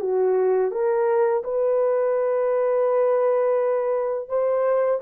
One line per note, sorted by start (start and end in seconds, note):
0.00 0.71 F#4
0.71 1.43 A#4
1.44 4.28 B4
4.28 5.00 C5